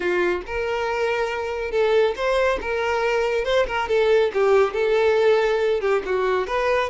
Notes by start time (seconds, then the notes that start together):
0.00 F4
0.46 A#4
1.71 A4
2.16 C5
2.61 A#4
3.44 C5
3.67 A#4
3.88 A4
4.33 G4
4.73 A4
5.81 G4
6.05 F#4
6.47 B4